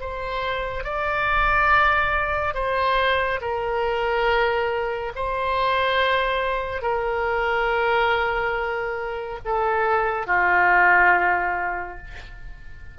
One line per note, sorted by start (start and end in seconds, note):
0.00 0.84 C5
0.84 2.54 D5
2.54 3.40 C5
3.41 5.12 A#4
5.15 6.81 C5
6.81 9.39 A#4
9.45 10.26 A4
10.26 11.98 F4